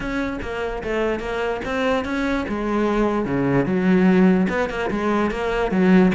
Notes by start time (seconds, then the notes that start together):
0.00 C#4
0.42 A#3
0.83 A3
1.19 A#3
1.64 C4
2.04 C#4
2.48 G#3
3.25 C#3
3.65 F#3
4.49 B3
4.69 A#3
4.90 G#3
5.30 A#3
5.71 F#3